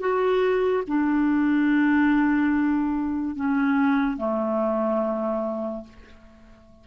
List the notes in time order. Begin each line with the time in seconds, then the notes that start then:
0.00 F#4
0.87 D4
3.36 C#4
4.17 A3